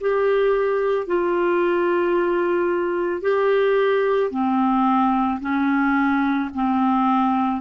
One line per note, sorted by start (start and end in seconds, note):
0.00 1.06 G4
1.06 3.21 F4
3.21 4.30 G4
4.30 5.40 C4
5.40 6.50 C#4
6.54 7.61 C4